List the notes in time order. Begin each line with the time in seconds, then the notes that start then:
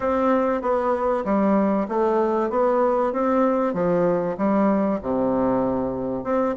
0.00 C4
0.61 B3
1.24 G3
1.88 A3
2.50 B3
3.12 C4
3.73 F3
4.37 G3
5.02 C3
6.24 C4